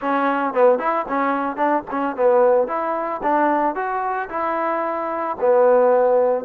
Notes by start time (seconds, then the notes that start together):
0.01 C#4
0.53 B3
0.79 E4
1.08 C#4
1.56 D4
1.90 C#4
2.16 B3
2.67 E4
3.22 D4
3.75 F#4
4.29 E4
5.40 B3